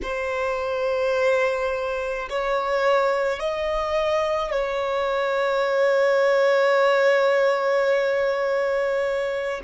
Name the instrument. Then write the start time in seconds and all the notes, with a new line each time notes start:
violin
0.02 C5
2.30 C#5
3.40 D#5
4.51 C#5